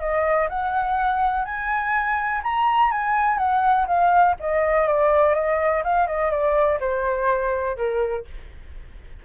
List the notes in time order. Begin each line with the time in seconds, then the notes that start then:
0.00 D#5
0.49 F#5
1.45 G#5
2.43 A#5
2.91 G#5
3.38 F#5
3.87 F5
4.40 D#5
4.88 D5
5.35 D#5
5.84 F5
6.07 D#5
6.31 D5
6.80 C5
7.77 A#4